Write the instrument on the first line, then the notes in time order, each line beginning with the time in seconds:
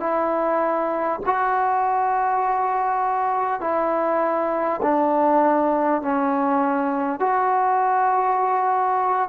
trombone
0.00 E4
1.26 F#4
3.61 E4
4.83 D4
6.02 C#4
7.20 F#4